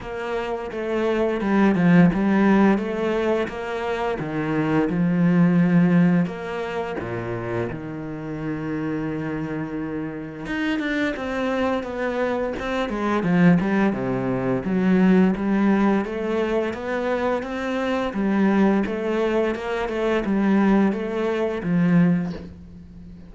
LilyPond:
\new Staff \with { instrumentName = "cello" } { \time 4/4 \tempo 4 = 86 ais4 a4 g8 f8 g4 | a4 ais4 dis4 f4~ | f4 ais4 ais,4 dis4~ | dis2. dis'8 d'8 |
c'4 b4 c'8 gis8 f8 g8 | c4 fis4 g4 a4 | b4 c'4 g4 a4 | ais8 a8 g4 a4 f4 | }